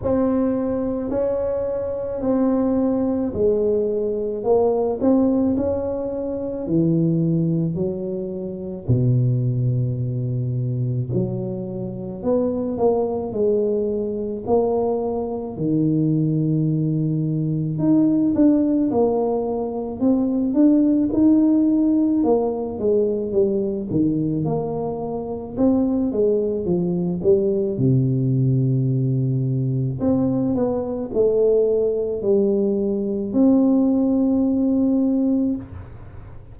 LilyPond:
\new Staff \with { instrumentName = "tuba" } { \time 4/4 \tempo 4 = 54 c'4 cis'4 c'4 gis4 | ais8 c'8 cis'4 e4 fis4 | b,2 fis4 b8 ais8 | gis4 ais4 dis2 |
dis'8 d'8 ais4 c'8 d'8 dis'4 | ais8 gis8 g8 dis8 ais4 c'8 gis8 | f8 g8 c2 c'8 b8 | a4 g4 c'2 | }